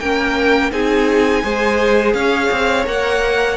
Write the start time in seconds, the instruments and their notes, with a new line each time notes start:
0.00 cello A#3, viola C#4, violin A#4 G5
0.72 cello C4, viola D#4, violin G#4 G#5
1.43 cello G#3, viola G#4, violin C5
2.13 cello C#4, violin C#5 F5
2.51 cello C4
2.86 cello A#3, viola A#4, violin F#5